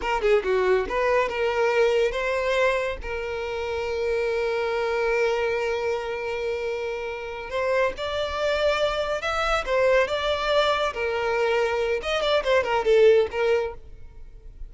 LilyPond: \new Staff \with { instrumentName = "violin" } { \time 4/4 \tempo 4 = 140 ais'8 gis'8 fis'4 b'4 ais'4~ | ais'4 c''2 ais'4~ | ais'1~ | ais'1~ |
ais'4. c''4 d''4.~ | d''4. e''4 c''4 d''8~ | d''4. ais'2~ ais'8 | dis''8 d''8 c''8 ais'8 a'4 ais'4 | }